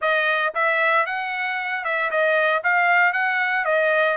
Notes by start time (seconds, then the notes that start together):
0.01 D#5
0.54 E5
1.06 F#5
1.84 E5
2.10 D#5
2.63 F5
3.12 F#5
3.65 D#5